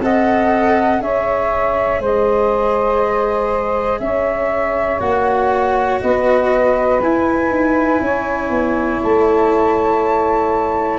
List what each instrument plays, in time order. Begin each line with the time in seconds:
0.00 tuba C4, cello A4, saxophone D#5, flute F#5
0.99 tuba C#4, cello G#4, saxophone C#5, flute E5
1.99 tuba G#3, saxophone C5, flute D#5
4.00 tuba C#4, saxophone C#5, flute E5
5.00 tuba A#3, cello F#4, flute F#5
6.01 tuba B3, saxophone B4, flute D#5
7.01 tuba E4, cello E4, flute G#5
7.50 tuba D#4
8.01 tuba C#4, saxophone C#5
8.50 tuba B3
9.03 tuba A3, flute A5